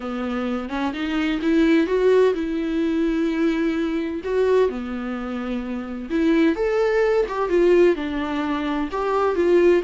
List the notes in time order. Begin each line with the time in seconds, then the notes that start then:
0.00 B3
0.69 C#4
0.93 D#4
1.42 E4
1.86 F#4
2.34 E4
4.24 F#4
4.69 B3
6.10 E4
6.55 A4
7.28 G4
7.49 F4
7.95 D4
8.91 G4
9.35 F4